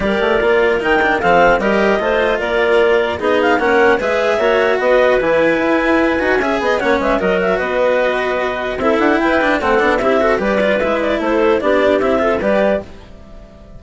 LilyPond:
<<
  \new Staff \with { instrumentName = "clarinet" } { \time 4/4 \tempo 4 = 150 d''2 g''4 f''4 | dis''2 d''2 | dis''8 f''8 fis''4 e''2 | dis''4 gis''2.~ |
gis''4 fis''8 e''8 dis''8 e''8 dis''4~ | dis''2 e''8 fis''8 g''4 | fis''4 e''4 d''4 e''8 d''8 | c''4 d''4 e''4 d''4 | }
  \new Staff \with { instrumentName = "clarinet" } { \time 4/4 ais'2. a'4 | ais'4 c''4 ais'2 | gis'4 ais'4 b'4 cis''4 | b'1 |
e''8 dis''8 cis''8 b'8 ais'4 b'4~ | b'2 a'4 b'4 | a'4 g'8 a'8 b'2 | a'4 g'4. a'8 b'4 | }
  \new Staff \with { instrumentName = "cello" } { \time 4/4 g'4 f'4 dis'8 d'8 c'4 | g'4 f'2. | dis'4 cis'4 gis'4 fis'4~ | fis'4 e'2~ e'8 fis'8 |
gis'4 cis'4 fis'2~ | fis'2 e'4. d'8 | c'8 d'8 e'8 fis'8 g'8 f'8 e'4~ | e'4 d'4 e'8 f'8 g'4 | }
  \new Staff \with { instrumentName = "bassoon" } { \time 4/4 g8 a8 ais4 dis4 f4 | g4 a4 ais2 | b4 ais4 gis4 ais4 | b4 e4 e'4. dis'8 |
cis'8 b8 ais8 gis8 fis4 b4~ | b2 c'8 d'8 e'4 | a8 b8 c'4 g4 gis4 | a4 b4 c'4 g4 | }
>>